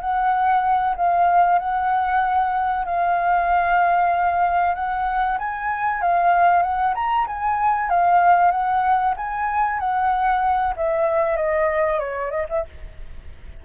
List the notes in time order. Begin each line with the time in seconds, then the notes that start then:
0.00 F#5
0.96 F5
1.59 F#5
2.85 F5
4.75 F#5
5.38 G#5
6.01 F5
6.62 F#5
6.94 A#5
7.26 G#5
7.89 F5
8.51 F#5
9.16 G#5
9.80 F#5
10.76 E5
11.36 D#5
11.99 C#5
12.30 D#5
12.49 E5